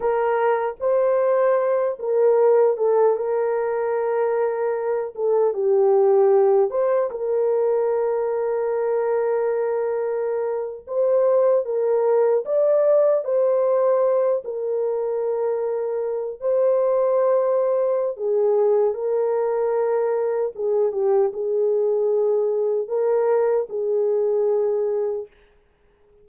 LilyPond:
\new Staff \with { instrumentName = "horn" } { \time 4/4 \tempo 4 = 76 ais'4 c''4. ais'4 a'8 | ais'2~ ais'8 a'8 g'4~ | g'8 c''8 ais'2.~ | ais'4.~ ais'16 c''4 ais'4 d''16~ |
d''8. c''4. ais'4.~ ais'16~ | ais'8. c''2~ c''16 gis'4 | ais'2 gis'8 g'8 gis'4~ | gis'4 ais'4 gis'2 | }